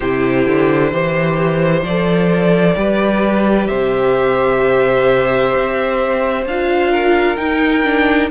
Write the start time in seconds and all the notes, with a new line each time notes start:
0.00 C3 E4 G4 C5
0.47 D3
0.92 E3 G4 C5
1.82 F3 A4 D5
2.76 G3 G4 B4
3.67 C3 C5 E5
5.55 C4
6.45 D4 F4 F5
6.91 A#4
7.36 D#4 G5
7.83 D4